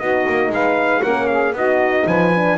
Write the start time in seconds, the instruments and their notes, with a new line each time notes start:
0.00 double bass B3, horn D#4, saxophone F#4, trumpet D#5
0.29 double bass A#3
0.50 double bass G#3, saxophone B4, trumpet F5
1.03 double bass A#3, horn C#4, saxophone A#4, trumpet F#5
1.28 saxophone G#4, trumpet F5
1.53 double bass B3, horn D#4, saxophone F#4, trumpet D#5
2.07 double bass F3, saxophone B4, trumpet G#5
2.36 horn D4